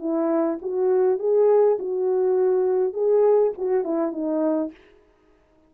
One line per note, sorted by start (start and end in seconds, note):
0.00 0.59 E4
0.62 1.19 F#4
1.19 1.78 G#4
1.79 2.94 F#4
2.94 3.53 G#4
3.58 3.85 F#4
3.85 4.13 E4
4.13 4.71 D#4